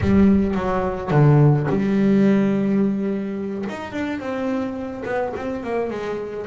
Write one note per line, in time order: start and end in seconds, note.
0.00 0.54 G3
0.54 1.10 F#3
1.10 1.66 D3
1.69 3.65 G3
3.69 3.92 D#4
3.92 4.19 D4
4.19 5.03 C4
5.05 5.33 B3
5.36 5.63 C4
5.63 5.90 A#3
5.90 6.46 G#3